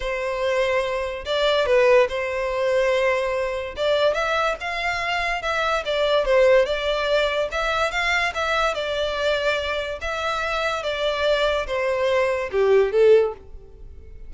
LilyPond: \new Staff \with { instrumentName = "violin" } { \time 4/4 \tempo 4 = 144 c''2. d''4 | b'4 c''2.~ | c''4 d''4 e''4 f''4~ | f''4 e''4 d''4 c''4 |
d''2 e''4 f''4 | e''4 d''2. | e''2 d''2 | c''2 g'4 a'4 | }